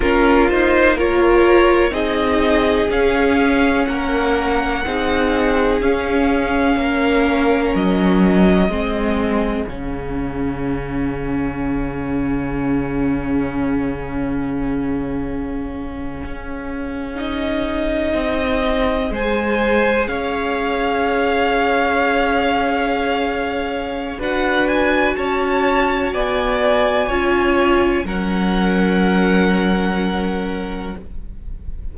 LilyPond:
<<
  \new Staff \with { instrumentName = "violin" } { \time 4/4 \tempo 4 = 62 ais'8 c''8 cis''4 dis''4 f''4 | fis''2 f''2 | dis''2 f''2~ | f''1~ |
f''4.~ f''16 dis''2 gis''16~ | gis''8. f''2.~ f''16~ | f''4 fis''8 gis''8 a''4 gis''4~ | gis''4 fis''2. | }
  \new Staff \with { instrumentName = "violin" } { \time 4/4 f'4 ais'4 gis'2 | ais'4 gis'2 ais'4~ | ais'4 gis'2.~ | gis'1~ |
gis'2.~ gis'8. c''16~ | c''8. cis''2.~ cis''16~ | cis''4 b'4 cis''4 d''4 | cis''4 ais'2. | }
  \new Staff \with { instrumentName = "viola" } { \time 4/4 cis'8 dis'8 f'4 dis'4 cis'4~ | cis'4 dis'4 cis'2~ | cis'4 c'4 cis'2~ | cis'1~ |
cis'4.~ cis'16 dis'2 gis'16~ | gis'1~ | gis'4 fis'2. | f'4 cis'2. | }
  \new Staff \with { instrumentName = "cello" } { \time 4/4 ais2 c'4 cis'4 | ais4 c'4 cis'4 ais4 | fis4 gis4 cis2~ | cis1~ |
cis8. cis'2 c'4 gis16~ | gis8. cis'2.~ cis'16~ | cis'4 d'4 cis'4 b4 | cis'4 fis2. | }
>>